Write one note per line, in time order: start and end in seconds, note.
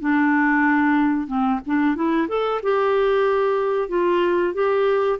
0.00 1.27 D4
1.27 1.59 C4
1.66 1.95 D4
1.95 2.28 E4
2.28 2.61 A4
2.62 3.89 G4
3.89 4.54 F4
4.54 5.19 G4